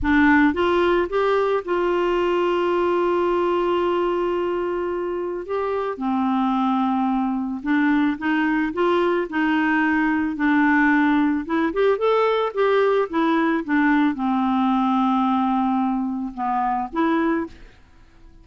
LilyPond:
\new Staff \with { instrumentName = "clarinet" } { \time 4/4 \tempo 4 = 110 d'4 f'4 g'4 f'4~ | f'1~ | f'2 g'4 c'4~ | c'2 d'4 dis'4 |
f'4 dis'2 d'4~ | d'4 e'8 g'8 a'4 g'4 | e'4 d'4 c'2~ | c'2 b4 e'4 | }